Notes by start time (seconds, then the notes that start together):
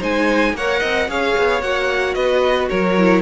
0.00 G#3 D#4 C5 G#5
0.54 A#3 A#4 C#5 F#5
0.80 C4 D#5
1.09 C#4 G#4 C#5 F5
1.38 B3
1.62 A#3 F#4 F#5
2.15 B3 B4 D#5
2.70 F#3 A#4 C#5
2.99 E4